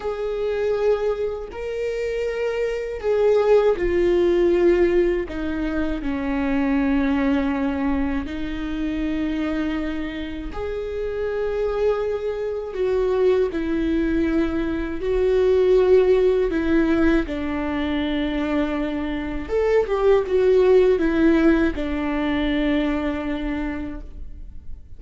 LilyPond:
\new Staff \with { instrumentName = "viola" } { \time 4/4 \tempo 4 = 80 gis'2 ais'2 | gis'4 f'2 dis'4 | cis'2. dis'4~ | dis'2 gis'2~ |
gis'4 fis'4 e'2 | fis'2 e'4 d'4~ | d'2 a'8 g'8 fis'4 | e'4 d'2. | }